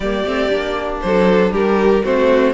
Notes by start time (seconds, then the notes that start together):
0.00 G3 A#3 G4 D5
0.25 A3 C4
0.49 A#3 D4
1.01 F#3 A4 C5
1.51 G3 G4 A#4
2.04 A3 C4 F#4 C5